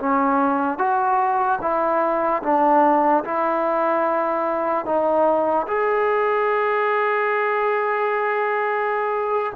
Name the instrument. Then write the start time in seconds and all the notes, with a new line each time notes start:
trombone
0.00 C#4
0.79 F#4
1.61 E4
2.43 D4
3.25 E4
4.86 D#4
5.68 G#4